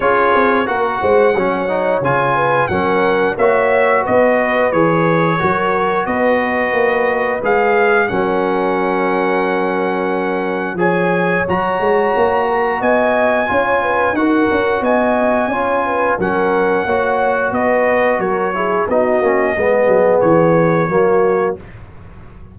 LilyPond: <<
  \new Staff \with { instrumentName = "trumpet" } { \time 4/4 \tempo 4 = 89 cis''4 fis''2 gis''4 | fis''4 e''4 dis''4 cis''4~ | cis''4 dis''2 f''4 | fis''1 |
gis''4 ais''2 gis''4~ | gis''4 fis''4 gis''2 | fis''2 dis''4 cis''4 | dis''2 cis''2 | }
  \new Staff \with { instrumentName = "horn" } { \time 4/4 gis'4 ais'8 c''8 cis''4. b'8 | ais'4 cis''4 b'2 | ais'4 b'2. | ais'1 |
cis''2~ cis''8 ais'8 dis''4 | cis''8 b'8 ais'4 dis''4 cis''8 b'8 | ais'4 cis''4 b'4 ais'8 gis'8 | fis'4 gis'2 fis'4 | }
  \new Staff \with { instrumentName = "trombone" } { \time 4/4 f'4 fis'4 cis'8 dis'8 f'4 | cis'4 fis'2 gis'4 | fis'2. gis'4 | cis'1 |
gis'4 fis'2. | f'4 fis'2 f'4 | cis'4 fis'2~ fis'8 e'8 | dis'8 cis'8 b2 ais4 | }
  \new Staff \with { instrumentName = "tuba" } { \time 4/4 cis'8 c'8 ais8 gis8 fis4 cis4 | fis4 ais4 b4 e4 | fis4 b4 ais4 gis4 | fis1 |
f4 fis8 gis8 ais4 b4 | cis'4 dis'8 cis'8 b4 cis'4 | fis4 ais4 b4 fis4 | b8 ais8 gis8 fis8 e4 fis4 | }
>>